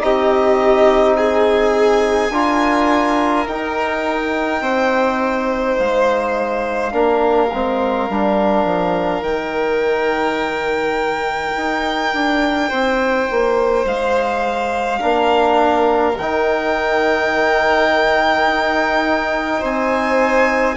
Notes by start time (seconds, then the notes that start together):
0.00 C4 D#4 G4 D#5
1.16 G#4 G#5
2.31 D4 F4 A#4
3.48 D#4 G5
4.61 C4 C5
5.79 G#3 F5
6.92 A#3 D4 A#4
7.53 G#3 C4
8.09 G3 D4
8.65 F3
9.20 D#3 D#4 G5
11.56 D#4
12.14 D4
12.69 C4 C5
13.31 A#3
13.85 G#3 F5
14.99 A#3 D4 A#4
16.18 D#3 D#4 G5
18.46 D#4
19.60 C4 C5 G#5